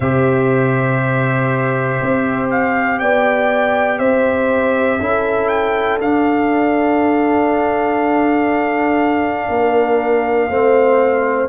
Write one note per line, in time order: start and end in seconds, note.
0.00 2.00 C3
0.00 5.00 G4
0.00 2.96 C5
0.00 2.49 E5
2.01 3.01 C4
2.50 2.99 F5
2.99 3.98 B3
2.99 3.99 D5
2.99 3.98 G5
3.98 4.98 C4
3.98 4.99 C5
3.98 5.48 E5
4.99 5.99 C#4
4.99 6.00 E4
4.99 9.49 A4
5.48 5.98 G5
5.99 9.48 D4
5.99 10.51 D4
5.99 11.49 F5
9.48 10.48 A#3
9.48 10.50 A#4
10.49 11.49 A3
10.49 11.49 C4
10.49 11.49 C5